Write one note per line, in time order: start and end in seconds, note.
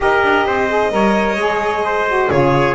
0.00 0.23 D#4
0.00 0.68 G4
0.00 0.46 A#4
0.00 2.30 D#5
0.23 0.45 D4
0.45 0.91 C4
0.45 0.92 C5
0.68 0.90 G#4
0.90 1.36 G3
0.90 1.36 A#4
0.90 1.85 C#5
1.36 2.28 G#3
1.36 2.07 G#4
1.85 2.30 C5
2.07 2.30 F#4
2.30 2.74 C#3
2.30 2.74 F4
2.30 2.74 G#4
2.30 2.74 C#5